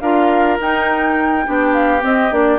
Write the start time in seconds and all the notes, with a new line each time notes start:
0.00 D4 F4 A#4 F5
0.59 D#4 G5
1.45 B3 D4 G4
1.73 F5
2.00 C4 D#5
2.31 A#3 D4 D5